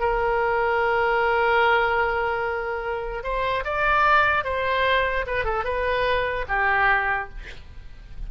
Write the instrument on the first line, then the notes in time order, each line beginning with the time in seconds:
oboe
0.00 A#4
3.24 C5
3.65 D5
4.44 C5
5.27 B4
5.45 A4
5.65 B4
6.48 G4